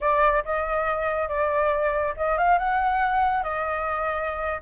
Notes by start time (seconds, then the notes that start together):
0.00 D5
0.44 D#5
1.28 D5
2.16 D#5
2.37 F5
2.58 F#5
3.43 D#5